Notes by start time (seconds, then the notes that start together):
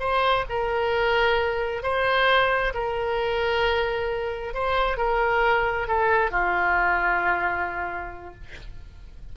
0.00 C5
0.50 A#4
1.83 C5
2.75 A#4
4.54 C5
4.98 A#4
5.88 A4
6.31 F4